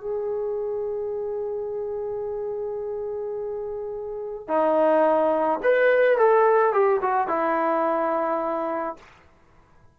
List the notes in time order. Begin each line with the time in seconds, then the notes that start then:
0.00 G#4
4.48 D#4
5.63 B4
6.18 A4
6.72 G4
7.01 F#4
7.27 E4